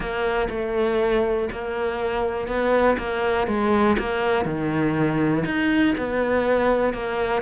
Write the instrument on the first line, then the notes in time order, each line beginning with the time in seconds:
cello
0.00 A#3
0.49 A3
1.52 A#3
2.47 B3
2.98 A#3
3.47 G#3
3.98 A#3
4.45 D#3
5.45 D#4
5.97 B3
6.93 A#3